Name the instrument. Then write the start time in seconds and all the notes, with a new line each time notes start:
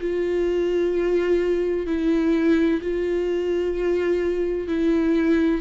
viola
0.00 F4
1.87 E4
2.82 F4
4.68 E4